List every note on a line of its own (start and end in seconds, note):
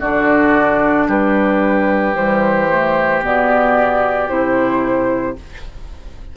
0.00 1.08 D3
0.00 2.14 D4
0.00 1.07 F#4
0.00 1.08 D5
1.08 2.15 G3
1.08 5.36 G4
1.08 2.16 B4
2.14 3.22 E3
2.14 2.68 G3
2.14 3.23 C5
2.70 3.23 A3
3.23 4.29 B2
3.23 4.28 B3
3.23 4.29 D5
4.28 5.37 C3
4.28 5.35 E4
4.28 5.36 C5